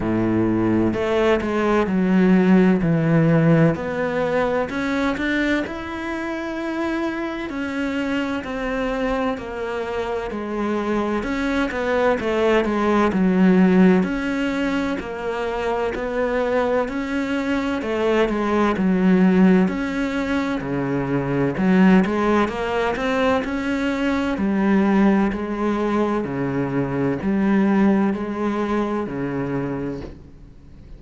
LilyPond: \new Staff \with { instrumentName = "cello" } { \time 4/4 \tempo 4 = 64 a,4 a8 gis8 fis4 e4 | b4 cis'8 d'8 e'2 | cis'4 c'4 ais4 gis4 | cis'8 b8 a8 gis8 fis4 cis'4 |
ais4 b4 cis'4 a8 gis8 | fis4 cis'4 cis4 fis8 gis8 | ais8 c'8 cis'4 g4 gis4 | cis4 g4 gis4 cis4 | }